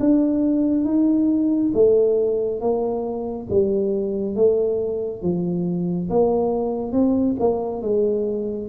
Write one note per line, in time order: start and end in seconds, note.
0.00 0.85 D4
0.85 1.72 D#4
1.74 2.61 A3
2.61 3.48 A#3
3.50 4.36 G3
4.36 5.23 A3
5.23 6.09 F3
6.10 6.92 A#3
6.92 7.36 C4
7.40 7.82 A#3
7.82 8.69 G#3